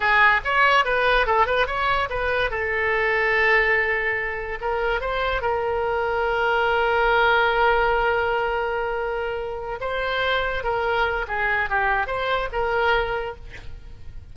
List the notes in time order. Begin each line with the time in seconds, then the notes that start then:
0.00 G#4
0.44 C#5
0.84 B4
1.26 A4
1.46 B4
1.67 C#5
2.09 B4
2.50 A4
4.60 A#4
5.00 C5
5.41 A#4
9.80 C5
10.63 A#4
11.27 G#4
11.69 G4
12.06 C5
12.52 A#4